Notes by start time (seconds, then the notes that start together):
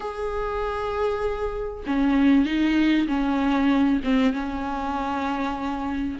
0.00 G#4
1.86 C#4
2.45 D#4
3.07 C#4
4.04 C4
4.33 C#4